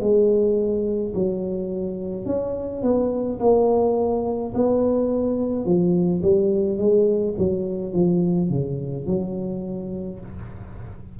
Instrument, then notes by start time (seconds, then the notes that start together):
tuba
0.00 G#3
1.14 F#3
2.25 C#4
2.83 B3
3.40 A#3
4.54 B3
5.65 F3
6.22 G3
6.78 G#3
7.38 F#3
7.93 F3
8.50 C#3
9.06 F#3